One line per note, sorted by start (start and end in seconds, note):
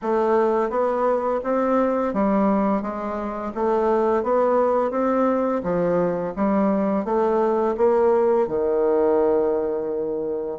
0.02 0.69 A3
0.69 1.40 B3
1.43 2.13 C4
2.13 2.81 G3
2.81 3.52 G#3
3.55 4.23 A3
4.23 4.91 B3
4.91 5.61 C4
5.63 6.33 F3
6.35 7.04 G3
7.04 7.75 A3
7.76 8.47 A#3
8.47 10.59 D#3